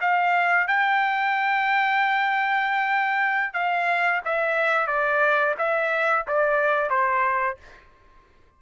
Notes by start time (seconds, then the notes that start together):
0.00 F5
0.67 G5
3.53 F5
4.25 E5
4.87 D5
5.58 E5
6.27 D5
6.89 C5